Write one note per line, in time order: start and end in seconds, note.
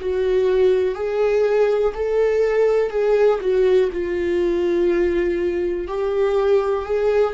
0.00 0.95 F#4
0.95 1.93 G#4
1.94 2.90 A4
2.90 3.39 G#4
3.41 3.90 F#4
3.92 5.87 F4
5.87 6.85 G4
6.85 7.33 G#4